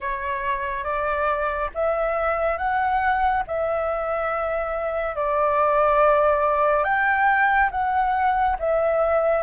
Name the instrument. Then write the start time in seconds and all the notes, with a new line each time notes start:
flute
0.00 C#5
0.84 D5
1.74 E5
2.57 F#5
3.47 E5
5.15 D5
6.84 G5
7.71 F#5
8.59 E5